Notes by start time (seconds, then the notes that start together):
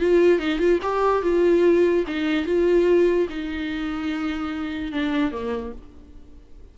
0.00 F4
0.40 D#4
0.59 F4
0.83 G4
1.23 F4
2.07 D#4
2.46 F4
3.29 D#4
4.92 D4
5.32 A#3